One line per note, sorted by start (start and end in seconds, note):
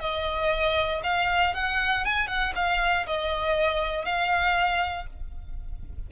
0.00 1.02 D#5
1.04 1.54 F5
1.54 2.05 F#5
2.05 2.28 G#5
2.28 2.53 F#5
2.56 3.06 F5
3.07 4.05 D#5
4.05 5.07 F5